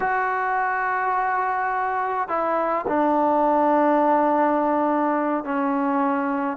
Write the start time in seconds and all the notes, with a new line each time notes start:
0.00 F#4
2.28 E4
2.87 D4
5.44 C#4